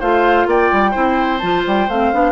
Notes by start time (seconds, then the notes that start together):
0.00 A3 F4 C5 F5
0.47 A#3 D5 G5
0.72 G3
0.91 C4 E4 C5
1.39 F3 F4 A5
1.66 G3 G5
1.88 A3 C4 F5
2.13 B3 D4